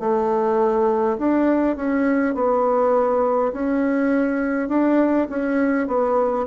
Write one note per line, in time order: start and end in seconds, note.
0.00 1.18 A3
1.18 1.76 D4
1.76 2.35 C#4
2.35 3.53 B3
3.53 4.69 C#4
4.69 5.28 D4
5.30 5.88 C#4
5.88 6.47 B3